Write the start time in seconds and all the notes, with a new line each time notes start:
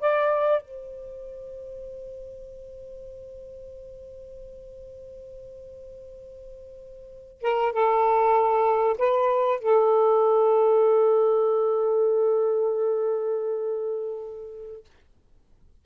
0.00 D5
0.62 C5
7.42 A#4
7.72 A4
8.98 B4
9.59 A4